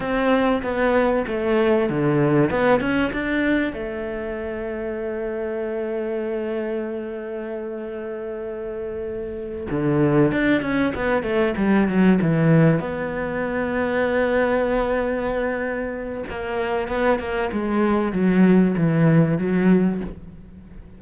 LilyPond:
\new Staff \with { instrumentName = "cello" } { \time 4/4 \tempo 4 = 96 c'4 b4 a4 d4 | b8 cis'8 d'4 a2~ | a1~ | a2.~ a8 d8~ |
d8 d'8 cis'8 b8 a8 g8 fis8 e8~ | e8 b2.~ b8~ | b2 ais4 b8 ais8 | gis4 fis4 e4 fis4 | }